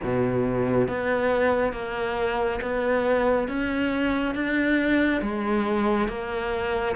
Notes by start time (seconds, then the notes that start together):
0.03 B2
0.87 B3
1.72 A#3
2.61 B3
3.48 C#4
4.34 D4
5.21 G#3
6.08 A#3